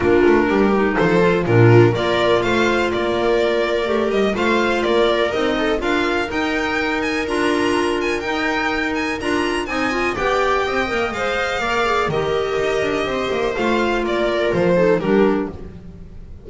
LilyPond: <<
  \new Staff \with { instrumentName = "violin" } { \time 4/4 \tempo 4 = 124 ais'2 c''4 ais'4 | d''4 f''4 d''2~ | d''8 dis''8 f''4 d''4 dis''4 | f''4 g''4. gis''8 ais''4~ |
ais''8 gis''8 g''4. gis''8 ais''4 | gis''4 g''2 f''4~ | f''4 dis''2. | f''4 d''4 c''4 ais'4 | }
  \new Staff \with { instrumentName = "viola" } { \time 4/4 f'4 g'4 a'4 f'4 | ais'4 c''4 ais'2~ | ais'4 c''4 ais'4. a'8 | ais'1~ |
ais'1 | dis''4 d''4 dis''2 | d''4 ais'2 c''4~ | c''4 ais'4. a'8 g'4 | }
  \new Staff \with { instrumentName = "clarinet" } { \time 4/4 d'4. dis'4 f'8 d'4 | f'1 | g'4 f'2 dis'4 | f'4 dis'2 f'4~ |
f'4 dis'2 f'4 | dis'8 f'8 g'4. ais'8 c''4 | ais'8 gis'8 g'2. | f'2~ f'8 dis'8 d'4 | }
  \new Staff \with { instrumentName = "double bass" } { \time 4/4 ais8 a8 g4 f4 ais,4 | ais4 a4 ais2 | a8 g8 a4 ais4 c'4 | d'4 dis'2 d'4~ |
d'4 dis'2 d'4 | c'4 b4 c'8 ais8 gis4 | ais4 dis4 dis'8 d'8 c'8 ais8 | a4 ais4 f4 g4 | }
>>